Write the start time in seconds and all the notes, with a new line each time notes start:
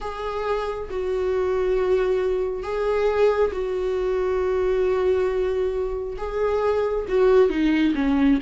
0.00 G#4
0.89 F#4
2.63 G#4
3.52 F#4
6.17 G#4
7.08 F#4
7.49 D#4
7.95 C#4